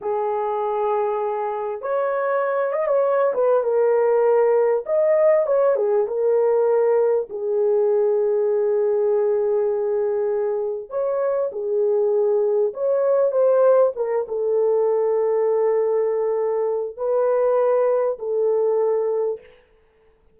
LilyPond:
\new Staff \with { instrumentName = "horn" } { \time 4/4 \tempo 4 = 99 gis'2. cis''4~ | cis''8 dis''16 cis''8. b'8 ais'2 | dis''4 cis''8 gis'8 ais'2 | gis'1~ |
gis'2 cis''4 gis'4~ | gis'4 cis''4 c''4 ais'8 a'8~ | a'1 | b'2 a'2 | }